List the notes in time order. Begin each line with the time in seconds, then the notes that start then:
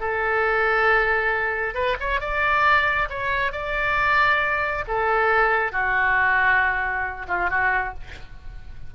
0.00 A4
1.74 B4
2.00 C#5
2.21 D5
3.10 C#5
3.52 D5
4.88 A4
5.72 F#4
7.28 F4
7.50 F#4